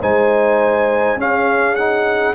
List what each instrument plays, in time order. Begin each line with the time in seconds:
0.00 tuba G#3, trombone D#4, horn C5, trumpet G#5
1.16 tuba C#4, trombone C#4, horn G#4, trumpet F5
1.75 trombone D#4, trumpet F#5